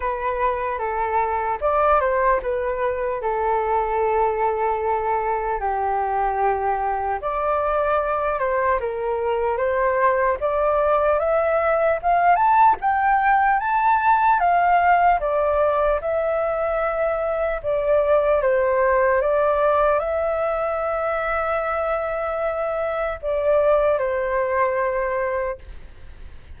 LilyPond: \new Staff \with { instrumentName = "flute" } { \time 4/4 \tempo 4 = 75 b'4 a'4 d''8 c''8 b'4 | a'2. g'4~ | g'4 d''4. c''8 ais'4 | c''4 d''4 e''4 f''8 a''8 |
g''4 a''4 f''4 d''4 | e''2 d''4 c''4 | d''4 e''2.~ | e''4 d''4 c''2 | }